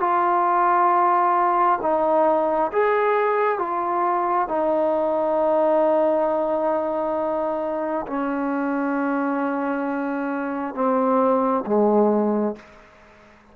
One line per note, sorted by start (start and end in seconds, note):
0.00 1.79 F4
1.82 2.72 D#4
2.72 3.59 G#4
3.59 4.49 F4
4.49 8.07 D#4
8.08 10.75 C#4
10.75 11.64 C4
11.67 12.56 G#3